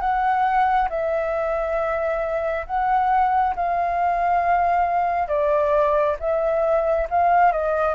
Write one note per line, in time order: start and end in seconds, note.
0.00 0.88 F#5
0.89 2.66 E5
2.66 3.55 F#5
3.55 5.28 F5
5.28 6.16 D5
6.19 7.07 E5
7.10 7.52 F5
7.52 7.94 D#5